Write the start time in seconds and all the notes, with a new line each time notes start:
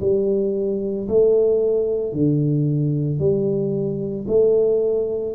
0.00 G3
1.08 A3
2.12 D3
3.19 G3
4.28 A3